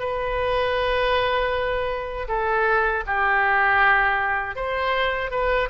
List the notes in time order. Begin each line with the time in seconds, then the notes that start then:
0.00 B4
2.28 A4
3.07 G4
4.56 C5
5.31 B4